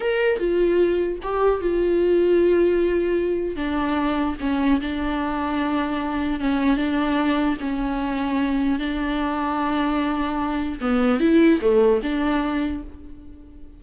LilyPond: \new Staff \with { instrumentName = "viola" } { \time 4/4 \tempo 4 = 150 ais'4 f'2 g'4 | f'1~ | f'4 d'2 cis'4 | d'1 |
cis'4 d'2 cis'4~ | cis'2 d'2~ | d'2. b4 | e'4 a4 d'2 | }